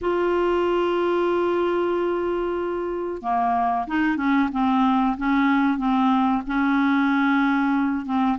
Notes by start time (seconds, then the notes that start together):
0.01 F4
3.21 A#3
3.87 D#4
4.16 C#4
4.52 C4
5.17 C#4
5.77 C4
6.46 C#4
8.05 C4